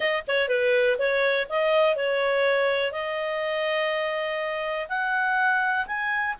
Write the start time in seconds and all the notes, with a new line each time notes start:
0.00 D#5
0.27 C#5
0.48 B4
0.98 C#5
1.49 D#5
1.96 C#5
2.92 D#5
4.88 F#5
5.86 G#5